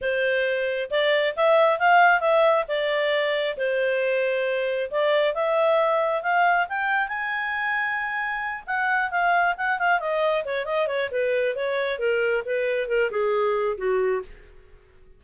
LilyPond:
\new Staff \with { instrumentName = "clarinet" } { \time 4/4 \tempo 4 = 135 c''2 d''4 e''4 | f''4 e''4 d''2 | c''2. d''4 | e''2 f''4 g''4 |
gis''2.~ gis''8 fis''8~ | fis''8 f''4 fis''8 f''8 dis''4 cis''8 | dis''8 cis''8 b'4 cis''4 ais'4 | b'4 ais'8 gis'4. fis'4 | }